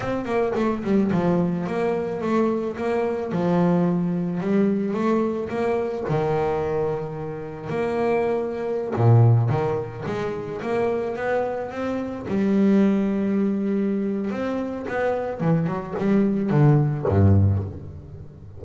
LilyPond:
\new Staff \with { instrumentName = "double bass" } { \time 4/4 \tempo 4 = 109 c'8 ais8 a8 g8 f4 ais4 | a4 ais4 f2 | g4 a4 ais4 dis4~ | dis2 ais2~ |
ais16 ais,4 dis4 gis4 ais8.~ | ais16 b4 c'4 g4.~ g16~ | g2 c'4 b4 | e8 fis8 g4 d4 g,4 | }